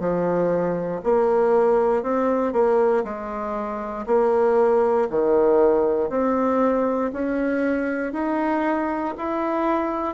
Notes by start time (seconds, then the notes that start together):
0.00 F3
1.04 A#3
2.03 C4
2.53 A#3
3.04 G#3
4.07 A#3
5.10 D#3
6.10 C4
7.13 C#4
8.13 D#4
9.18 E4